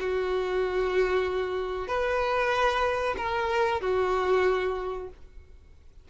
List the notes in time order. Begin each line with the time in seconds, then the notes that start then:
0.00 F#4
1.88 B4
3.18 A#4
3.81 F#4